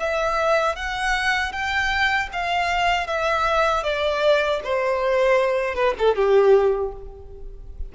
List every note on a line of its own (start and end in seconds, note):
0.00 0.76 E5
0.76 1.52 F#5
1.52 2.29 G5
2.33 3.07 F5
3.07 3.84 E5
3.84 4.61 D5
4.64 5.75 C5
5.75 5.94 B4
5.99 6.16 A4
6.16 6.93 G4